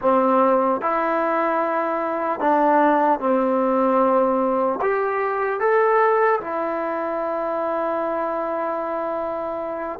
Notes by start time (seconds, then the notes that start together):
0.01 C4
0.81 E4
2.40 D4
3.19 C4
4.81 G4
5.60 A4
6.40 E4